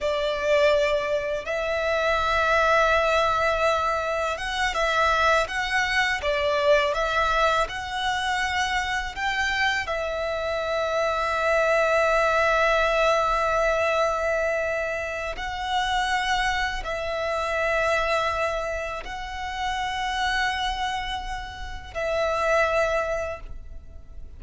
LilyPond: \new Staff \with { instrumentName = "violin" } { \time 4/4 \tempo 4 = 82 d''2 e''2~ | e''2 fis''8 e''4 fis''8~ | fis''8 d''4 e''4 fis''4.~ | fis''8 g''4 e''2~ e''8~ |
e''1~ | e''4 fis''2 e''4~ | e''2 fis''2~ | fis''2 e''2 | }